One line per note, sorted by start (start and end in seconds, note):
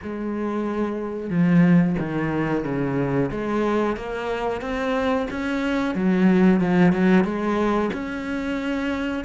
0.02 1.30 G#3
1.30 1.96 F3
1.99 2.64 D#3
2.64 3.30 C#3
3.31 3.96 G#3
3.96 4.61 A#3
4.61 5.27 C4
5.30 5.95 C#4
5.95 6.60 F#3
6.60 6.92 F3
6.92 7.24 F#3
7.24 7.90 G#3
7.93 9.24 C#4